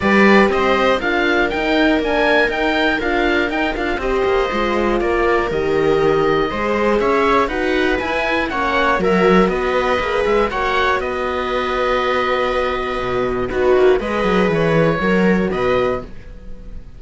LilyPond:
<<
  \new Staff \with { instrumentName = "oboe" } { \time 4/4 \tempo 4 = 120 d''4 dis''4 f''4 g''4 | gis''4 g''4 f''4 g''8 f''8 | dis''2 d''4 dis''4~ | dis''2 e''4 fis''4 |
gis''4 fis''4 e''4 dis''4~ | dis''8 e''8 fis''4 dis''2~ | dis''2. b'4 | dis''4 cis''2 dis''4 | }
  \new Staff \with { instrumentName = "viola" } { \time 4/4 b'4 c''4 ais'2~ | ais'1 | c''2 ais'2~ | ais'4 c''4 cis''4 b'4~ |
b'4 cis''4 ais'4 b'4~ | b'4 cis''4 b'2~ | b'2. fis'4 | b'2 ais'4 b'4 | }
  \new Staff \with { instrumentName = "horn" } { \time 4/4 g'2 f'4 dis'4 | d'4 dis'4 f'4 dis'8 f'8 | g'4 f'2 g'4~ | g'4 gis'2 fis'4 |
e'4 cis'4 fis'2 | gis'4 fis'2.~ | fis'2. dis'4 | gis'2 fis'2 | }
  \new Staff \with { instrumentName = "cello" } { \time 4/4 g4 c'4 d'4 dis'4 | ais4 dis'4 d'4 dis'8 d'8 | c'8 ais8 gis4 ais4 dis4~ | dis4 gis4 cis'4 dis'4 |
e'4 ais4 fis4 b4 | ais8 gis8 ais4 b2~ | b2 b,4 b8 ais8 | gis8 fis8 e4 fis4 b,4 | }
>>